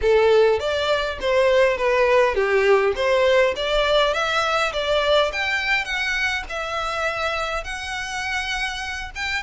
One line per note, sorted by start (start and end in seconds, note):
0.01 0.59 A4
0.59 1.18 D5
1.21 1.77 C5
1.77 2.34 B4
2.34 2.93 G4
2.95 3.54 C5
3.56 4.13 D5
4.13 4.72 E5
4.72 5.31 D5
5.32 5.84 G5
5.84 6.43 F#5
6.49 7.63 E5
7.63 9.10 F#5
9.15 9.43 G5